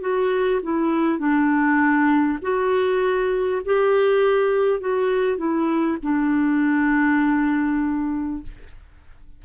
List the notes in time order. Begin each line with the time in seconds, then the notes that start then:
0.00 F#4
0.62 E4
1.18 D4
2.41 F#4
3.64 G4
4.80 F#4
5.37 E4
6.02 D4